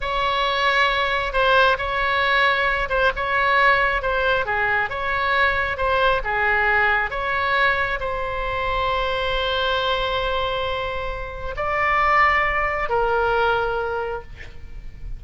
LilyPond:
\new Staff \with { instrumentName = "oboe" } { \time 4/4 \tempo 4 = 135 cis''2. c''4 | cis''2~ cis''8 c''8 cis''4~ | cis''4 c''4 gis'4 cis''4~ | cis''4 c''4 gis'2 |
cis''2 c''2~ | c''1~ | c''2 d''2~ | d''4 ais'2. | }